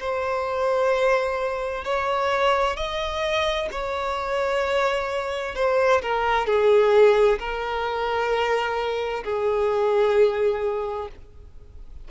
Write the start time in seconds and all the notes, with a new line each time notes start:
0.00 C5
1.85 C#5
2.77 D#5
3.72 C#5
5.56 C5
6.03 A#4
6.47 G#4
7.39 A#4
9.24 G#4